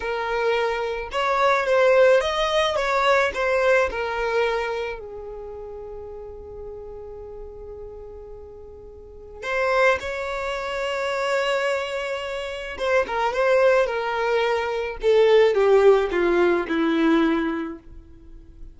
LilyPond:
\new Staff \with { instrumentName = "violin" } { \time 4/4 \tempo 4 = 108 ais'2 cis''4 c''4 | dis''4 cis''4 c''4 ais'4~ | ais'4 gis'2.~ | gis'1~ |
gis'4 c''4 cis''2~ | cis''2. c''8 ais'8 | c''4 ais'2 a'4 | g'4 f'4 e'2 | }